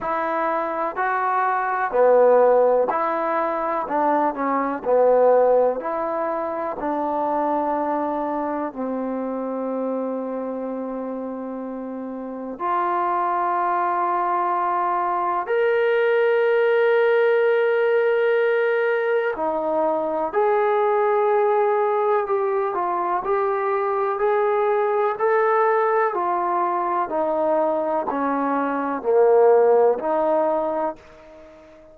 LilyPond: \new Staff \with { instrumentName = "trombone" } { \time 4/4 \tempo 4 = 62 e'4 fis'4 b4 e'4 | d'8 cis'8 b4 e'4 d'4~ | d'4 c'2.~ | c'4 f'2. |
ais'1 | dis'4 gis'2 g'8 f'8 | g'4 gis'4 a'4 f'4 | dis'4 cis'4 ais4 dis'4 | }